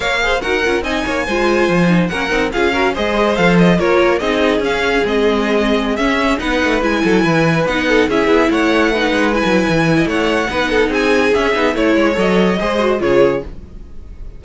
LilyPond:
<<
  \new Staff \with { instrumentName = "violin" } { \time 4/4 \tempo 4 = 143 f''4 fis''4 gis''2~ | gis''4 fis''4 f''4 dis''4 | f''8 dis''8 cis''4 dis''4 f''4 | dis''2~ dis''16 e''4 fis''8.~ |
fis''16 gis''2 fis''4 e''8.~ | e''16 fis''2 gis''4.~ gis''16 | fis''2 gis''4 e''4 | cis''4 dis''2 cis''4 | }
  \new Staff \with { instrumentName = "violin" } { \time 4/4 cis''8 c''8 ais'4 dis''8 cis''8 c''4~ | c''4 ais'4 gis'8 ais'8 c''4~ | c''4 ais'4 gis'2~ | gis'2.~ gis'16 b'8.~ |
b'8. a'8 b'4. a'8 gis'8.~ | gis'16 cis''4 b'2~ b'8 dis''16 | cis''4 b'8 a'8 gis'2 | cis''2 c''4 gis'4 | }
  \new Staff \with { instrumentName = "viola" } { \time 4/4 ais'8 gis'8 fis'8 f'8 dis'4 f'4~ | f'8 dis'8 cis'8 dis'8 f'8 fis'8 gis'4 | a'4 f'4 dis'4 cis'4 | c'2~ c'16 cis'4 dis'8.~ |
dis'16 e'2 dis'4 e'8.~ | e'4~ e'16 dis'4 e'4.~ e'16~ | e'4 dis'2 cis'8 dis'8 | e'4 a'4 gis'8 fis'8 f'4 | }
  \new Staff \with { instrumentName = "cello" } { \time 4/4 ais4 dis'8 cis'8 c'8 ais8 gis4 | f4 ais8 c'8 cis'4 gis4 | f4 ais4 c'4 cis'4 | gis2~ gis16 cis'4 b8 a16~ |
a16 gis8 fis8 e4 b4 cis'8 b16~ | b16 a4. gis8. fis8 e4 | a4 b4 c'4 cis'8 b8 | a8 gis8 fis4 gis4 cis4 | }
>>